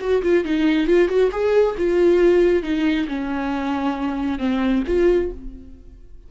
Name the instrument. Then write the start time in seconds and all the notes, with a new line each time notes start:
viola
0.00 F#4
0.22 F4
0.44 D#4
0.87 F4
1.08 F#4
1.32 G#4
1.78 F4
2.63 D#4
3.08 C#4
4.39 C4
4.87 F4